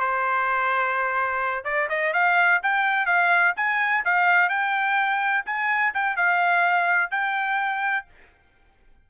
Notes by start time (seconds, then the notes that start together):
0.00 C5
1.65 D5
1.90 D#5
2.13 F5
2.63 G5
3.06 F5
3.56 G#5
4.05 F5
4.49 G5
5.46 G#5
5.94 G5
6.16 F5
7.11 G5